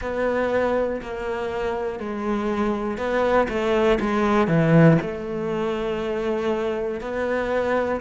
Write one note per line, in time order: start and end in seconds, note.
0.00 1.00 B3
1.01 2.00 A#3
2.00 2.97 G#3
2.97 3.47 B3
3.48 3.98 A3
4.00 4.47 G#3
4.47 4.97 E3
5.01 7.00 A3
7.00 8.00 B3